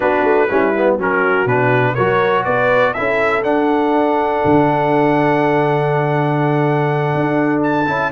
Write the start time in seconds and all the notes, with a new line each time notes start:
0.00 B3 D4 F#4 B4
0.23 A3
0.49 G3 C#4 E4
0.77 B3
0.98 F#3 C#4 F#4 A#4
1.45 B2 D4 B4
1.94 F#3 F#4 A#4 C#5
2.44 B3 B4 D5
2.93 C#4 E4 A4 E5
3.42 D4 F#5
4.45 D3
7.13 D4
7.62 A5
7.86 C#4 E4